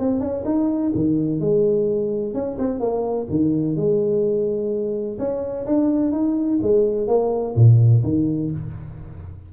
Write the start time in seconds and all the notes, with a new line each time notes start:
0.00 C4
0.21 C#4
0.46 D#4
0.95 D#3
1.41 G#3
2.34 C#4
2.59 C4
2.80 A#3
3.30 D#3
3.77 G#3
5.19 C#4
5.67 D4
6.12 D#4
6.63 G#3
7.08 A#3
7.56 A#2
8.04 D#3